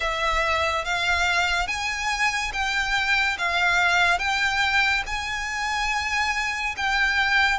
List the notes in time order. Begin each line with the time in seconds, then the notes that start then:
0.00 E5
0.85 F5
1.67 G#5
2.52 G5
3.38 F5
4.18 G5
5.06 G#5
6.76 G5